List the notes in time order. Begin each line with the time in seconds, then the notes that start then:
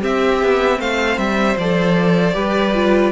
0.00 C4 G4 E5
0.42 B3
0.79 A3 C5 F5
1.17 G3 E5
1.57 F3 A4 D5
2.33 G3 G4 B4
2.74 F4